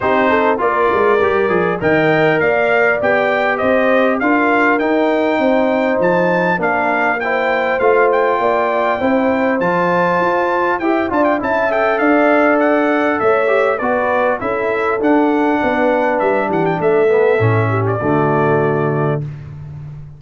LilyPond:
<<
  \new Staff \with { instrumentName = "trumpet" } { \time 4/4 \tempo 4 = 100 c''4 d''2 g''4 | f''4 g''4 dis''4 f''4 | g''2 a''4 f''4 | g''4 f''8 g''2~ g''8 |
a''2 g''8 a''16 g''16 a''8 g''8 | f''4 fis''4 e''4 d''4 | e''4 fis''2 e''8 fis''16 g''16 | e''4.~ e''16 d''2~ d''16 | }
  \new Staff \with { instrumentName = "horn" } { \time 4/4 g'8 a'8 ais'2 dis''4 | d''2 c''4 ais'4~ | ais'4 c''2 ais'4 | c''2 d''4 c''4~ |
c''2 e''8 d''8 e''4 | d''2 cis''4 b'4 | a'2 b'4. g'8 | a'4. g'8 fis'2 | }
  \new Staff \with { instrumentName = "trombone" } { \time 4/4 dis'4 f'4 g'8 gis'8 ais'4~ | ais'4 g'2 f'4 | dis'2. d'4 | e'4 f'2 e'4 |
f'2 g'8 f'8 e'8 a'8~ | a'2~ a'8 g'8 fis'4 | e'4 d'2.~ | d'8 b8 cis'4 a2 | }
  \new Staff \with { instrumentName = "tuba" } { \time 4/4 c'4 ais8 gis8 g8 f8 dis4 | ais4 b4 c'4 d'4 | dis'4 c'4 f4 ais4~ | ais4 a4 ais4 c'4 |
f4 f'4 e'8 d'8 cis'4 | d'2 a4 b4 | cis'4 d'4 b4 g8 e8 | a4 a,4 d2 | }
>>